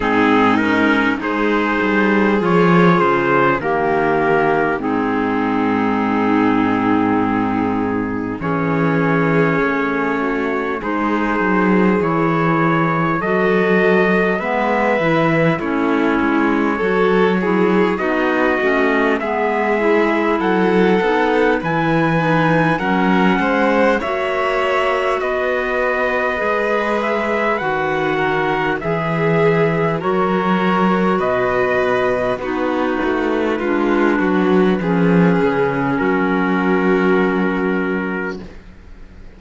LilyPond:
<<
  \new Staff \with { instrumentName = "trumpet" } { \time 4/4 \tempo 4 = 50 gis'8 ais'8 c''4 cis''8 c''8 ais'4 | gis'2. cis''4~ | cis''4 c''4 cis''4 dis''4 | e''4 cis''2 dis''4 |
e''4 fis''4 gis''4 fis''4 | e''4 dis''4. e''8 fis''4 | e''4 cis''4 dis''4 b'4~ | b'2 ais'2 | }
  \new Staff \with { instrumentName = "violin" } { \time 4/4 dis'4 gis'2 g'4 | dis'2. gis'4~ | gis'8 fis'8 gis'2 a'4 | b'4 e'4 a'8 gis'8 fis'4 |
gis'4 a'4 b'4 ais'8 c''8 | cis''4 b'2~ b'8 ais'8 | gis'4 ais'4 b'4 fis'4 | f'8 fis'8 gis'4 fis'2 | }
  \new Staff \with { instrumentName = "clarinet" } { \time 4/4 c'8 cis'8 dis'4 f'4 ais4 | c'2. cis'4~ | cis'4 dis'4 e'4 fis'4 | b8 e'8 cis'4 fis'8 e'8 dis'8 cis'8 |
b8 e'4 dis'8 e'8 dis'8 cis'4 | fis'2 gis'4 fis'4 | gis'4 fis'2 dis'4 | d'4 cis'2. | }
  \new Staff \with { instrumentName = "cello" } { \time 4/4 gis,4 gis8 g8 f8 cis8 dis4 | gis,2. e4 | a4 gis8 fis8 e4 fis4 | gis8 e8 a8 gis8 fis4 b8 a8 |
gis4 fis8 b8 e4 fis8 gis8 | ais4 b4 gis4 dis4 | e4 fis4 b,4 b8 a8 | gis8 fis8 f8 cis8 fis2 | }
>>